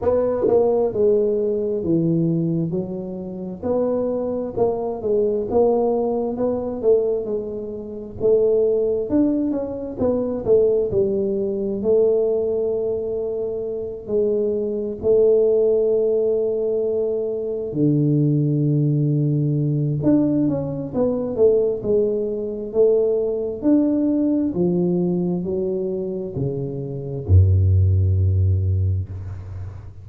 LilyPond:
\new Staff \with { instrumentName = "tuba" } { \time 4/4 \tempo 4 = 66 b8 ais8 gis4 e4 fis4 | b4 ais8 gis8 ais4 b8 a8 | gis4 a4 d'8 cis'8 b8 a8 | g4 a2~ a8 gis8~ |
gis8 a2. d8~ | d2 d'8 cis'8 b8 a8 | gis4 a4 d'4 f4 | fis4 cis4 fis,2 | }